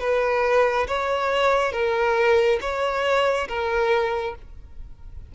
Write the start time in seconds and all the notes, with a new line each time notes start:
0.00 B4
0.87 C#5
1.72 A#4
2.61 C#5
3.48 A#4